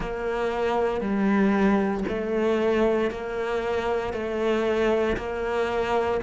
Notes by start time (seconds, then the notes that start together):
0.00 A#3
1.00 G3
2.08 A3
3.10 A#3
4.13 A3
5.17 A#3